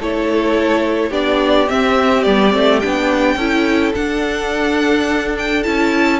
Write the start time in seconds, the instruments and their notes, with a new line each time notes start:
0.00 cello A3, viola E4, violin A4 C#5
1.09 cello B3, viola D4, violin G4 D5
1.67 viola C4, cello C4, violin E5
2.23 cello G3, viola B3, violin D5
2.51 cello A3, viola C4
2.79 cello B3, viola D4, violin G5
3.36 cello C#4, viola E4, violin A4
3.94 viola D4, cello D4, violin F#5
5.38 violin G5
5.63 cello C#4, viola E4, violin A5